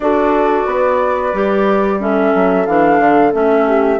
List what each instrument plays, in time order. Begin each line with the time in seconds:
0.00 bassoon D4, clarinet F#4, horn A4, flute D5
0.66 bassoon B3, horn B4
1.33 bassoon G3, clarinet G4
1.99 clarinet C#4, horn A4, flute E5
2.34 bassoon F#3
2.66 bassoon E3, clarinet D4, flute F5
2.99 bassoon D3
3.32 bassoon A3, clarinet C#4, flute E5
3.67 horn G4